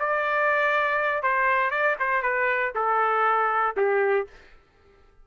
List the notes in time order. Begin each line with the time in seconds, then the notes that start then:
0.00 D5
1.23 C5
1.71 D5
2.00 C5
2.23 B4
2.76 A4
3.77 G4